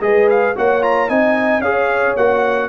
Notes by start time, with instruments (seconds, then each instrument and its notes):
0.00 tuba G#3, trombone G#4, horn B4, trumpet D#5
0.29 trumpet F5
0.55 tuba A#3, trombone F#4, horn C#5, trumpet F#5
0.81 trombone F4, trumpet A#5
1.08 tuba C4, trombone D#4, horn D#5, trumpet G#5
1.58 tuba C#4, trombone G#4, horn C#5, trumpet F5
2.16 tuba A#3, trombone F#4, trumpet F#5